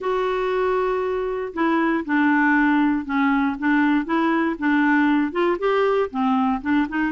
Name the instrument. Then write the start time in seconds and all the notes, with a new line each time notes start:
clarinet
0.00 F#4
1.53 E4
2.05 D4
3.05 C#4
3.58 D4
4.05 E4
4.58 D4
5.31 F4
5.59 G4
6.10 C4
6.61 D4
6.88 D#4